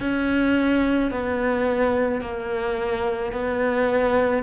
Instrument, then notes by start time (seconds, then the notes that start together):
cello
0.00 C#4
1.11 B3
2.21 A#3
3.32 B3